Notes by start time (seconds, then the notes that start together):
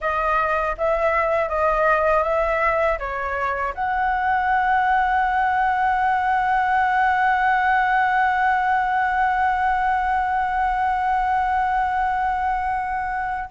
0.00 D#5
0.77 E5
1.48 D#5
2.23 E5
2.99 C#5
3.74 F#5